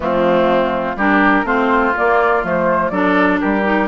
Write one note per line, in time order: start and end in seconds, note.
0.00 0.95 F3
0.00 0.96 A3
0.00 0.96 C4
0.00 0.98 F4
0.96 1.43 G3
0.96 1.45 D4
0.96 1.45 G4
0.96 1.46 A#4
1.43 1.92 A3
1.43 1.93 C4
1.43 2.92 F4
1.43 1.95 C5
1.96 2.43 A#3
1.96 2.45 D5
2.43 2.90 F3
2.43 2.91 A3
2.49 2.89 C5
2.89 3.39 F#3
2.89 3.63 D4
2.89 3.40 A4
2.89 3.38 D5
3.40 3.88 G3
3.40 3.88 G4
3.40 3.88 A#4
3.63 3.87 D#4